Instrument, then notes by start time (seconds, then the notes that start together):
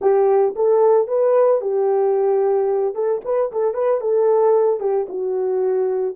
horn
0.01 G4
0.55 A4
1.07 B4
1.61 G4
2.94 A4
3.24 B4
3.52 A4
3.74 B4
4.00 A4
4.80 G4
5.08 F#4